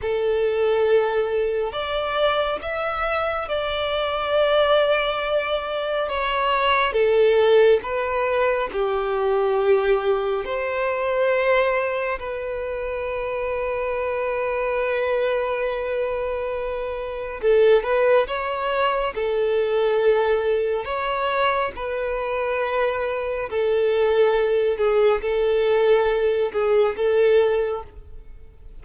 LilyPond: \new Staff \with { instrumentName = "violin" } { \time 4/4 \tempo 4 = 69 a'2 d''4 e''4 | d''2. cis''4 | a'4 b'4 g'2 | c''2 b'2~ |
b'1 | a'8 b'8 cis''4 a'2 | cis''4 b'2 a'4~ | a'8 gis'8 a'4. gis'8 a'4 | }